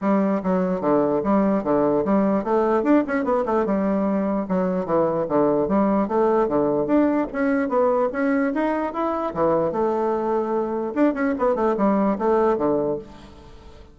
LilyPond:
\new Staff \with { instrumentName = "bassoon" } { \time 4/4 \tempo 4 = 148 g4 fis4 d4 g4 | d4 g4 a4 d'8 cis'8 | b8 a8 g2 fis4 | e4 d4 g4 a4 |
d4 d'4 cis'4 b4 | cis'4 dis'4 e'4 e4 | a2. d'8 cis'8 | b8 a8 g4 a4 d4 | }